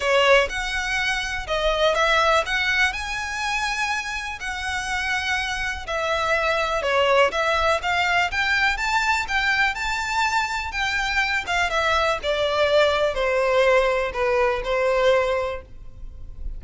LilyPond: \new Staff \with { instrumentName = "violin" } { \time 4/4 \tempo 4 = 123 cis''4 fis''2 dis''4 | e''4 fis''4 gis''2~ | gis''4 fis''2. | e''2 cis''4 e''4 |
f''4 g''4 a''4 g''4 | a''2 g''4. f''8 | e''4 d''2 c''4~ | c''4 b'4 c''2 | }